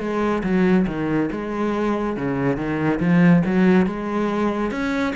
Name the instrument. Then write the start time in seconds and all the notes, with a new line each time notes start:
cello
0.00 G#3
0.44 F#3
0.87 D#3
1.32 G#3
2.17 C#3
2.57 D#3
3.00 F3
3.45 F#3
3.86 G#3
4.71 C#4